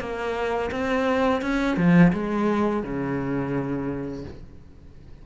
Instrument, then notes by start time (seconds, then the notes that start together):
cello
0.00 A#3
0.71 C4
1.41 C#4
1.76 F3
2.13 G#3
2.83 C#3